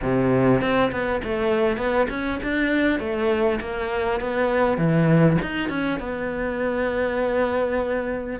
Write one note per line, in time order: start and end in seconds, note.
0.02 0.61 C3
0.61 0.91 C4
0.91 1.21 B3
1.23 1.77 A3
1.77 2.07 B3
2.09 2.39 C#4
2.43 2.99 D4
2.99 3.59 A3
3.60 4.20 A#3
4.20 4.77 B3
4.77 5.37 E3
5.41 5.69 D#4
5.69 5.99 C#4
5.99 8.39 B3